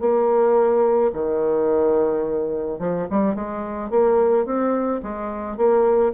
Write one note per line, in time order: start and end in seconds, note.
0.00 1.11 A#3
1.13 2.79 D#3
2.79 3.07 F3
3.10 3.35 G3
3.35 3.90 G#3
3.90 4.45 A#3
4.45 5.01 C4
5.02 5.57 G#3
5.57 6.13 A#3